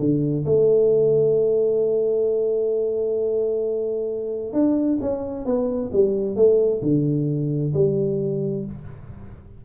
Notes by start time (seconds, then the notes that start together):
0.00 D3
0.46 A3
4.54 D4
5.01 C#4
5.46 B3
5.93 G3
6.36 A3
6.83 D3
7.75 G3